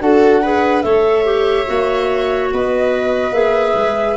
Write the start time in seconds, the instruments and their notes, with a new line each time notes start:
0.00 tuba D4, clarinet F#4, viola A4, flute F#5
0.42 clarinet G#4, viola B4
0.82 tuba A3, clarinet A4, viola C#5, flute E5
1.24 clarinet G4
1.66 tuba A#3, clarinet F#4
2.52 tuba B3, viola B4, flute D#5
3.31 tuba A#3, clarinet G#4, flute E5
3.75 tuba G#3